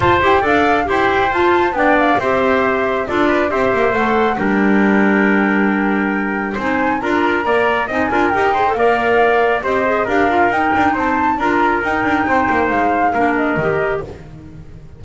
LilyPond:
<<
  \new Staff \with { instrumentName = "flute" } { \time 4/4 \tempo 4 = 137 a''8 g''8 f''4 g''4 a''4 | g''8 f''8 e''2 d''4 | e''4 fis''4 g''2~ | g''2. gis''4 |
ais''2 gis''4 g''4 | f''2 dis''4 f''4 | g''4 a''4 ais''4 g''4~ | g''4 f''4. dis''4. | }
  \new Staff \with { instrumentName = "trumpet" } { \time 4/4 c''4 d''4 c''2 | d''4 c''2 a'8 b'8 | c''2 ais'2~ | ais'2. c''4 |
ais'4 d''4 dis''8 ais'4 c''8 | d''2 c''4 ais'4~ | ais'4 c''4 ais'2 | c''2 ais'2 | }
  \new Staff \with { instrumentName = "clarinet" } { \time 4/4 f'8 g'8 a'4 g'4 f'4 | d'4 g'2 f'4 | g'4 a'4 d'2~ | d'2. dis'4 |
f'4 ais'4 dis'8 f'8 g'8 gis'16 a'16 | ais'2 g'8 gis'8 g'8 f'8 | dis'2 f'4 dis'4~ | dis'2 d'4 g'4 | }
  \new Staff \with { instrumentName = "double bass" } { \time 4/4 f'8 e'8 d'4 e'4 f'4 | b4 c'2 d'4 | c'8 ais8 a4 g2~ | g2. c'4 |
d'4 ais4 c'8 d'8 dis'4 | ais2 c'4 d'4 | dis'8 d'8 c'4 d'4 dis'8 d'8 | c'8 ais8 gis4 ais4 dis4 | }
>>